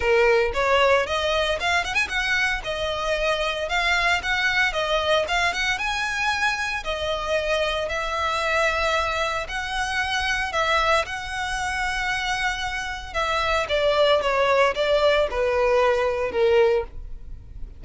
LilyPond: \new Staff \with { instrumentName = "violin" } { \time 4/4 \tempo 4 = 114 ais'4 cis''4 dis''4 f''8 fis''16 gis''16 | fis''4 dis''2 f''4 | fis''4 dis''4 f''8 fis''8 gis''4~ | gis''4 dis''2 e''4~ |
e''2 fis''2 | e''4 fis''2.~ | fis''4 e''4 d''4 cis''4 | d''4 b'2 ais'4 | }